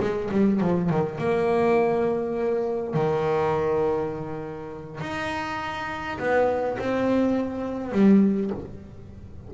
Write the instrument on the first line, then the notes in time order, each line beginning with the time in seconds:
double bass
0.00 G#3
0.31 G3
0.60 F3
0.89 D#3
1.18 A#3
2.94 D#3
5.01 D#4
6.19 B3
6.79 C4
7.92 G3